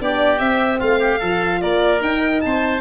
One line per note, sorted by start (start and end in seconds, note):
0.00 0.40 B3
0.00 0.39 D4
0.00 0.79 G4
0.00 0.39 D5
0.39 1.20 C4
0.39 0.80 C4
0.39 0.79 E5
0.79 1.22 A3
0.79 0.99 F4
0.79 1.61 F5
0.99 1.20 G4
1.20 1.62 F3
1.20 2.01 F4
1.20 1.60 A4
1.62 2.01 A#3
1.62 2.43 A#4
1.62 2.02 D5
2.01 2.81 D#4
2.01 2.42 D#4
2.01 2.41 G5
2.41 2.81 C4
2.41 2.81 C5
2.41 2.81 A5